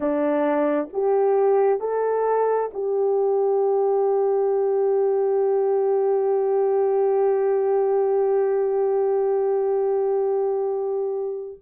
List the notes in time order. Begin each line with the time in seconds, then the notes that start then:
0.00 D4
0.92 G4
1.79 A4
2.73 G4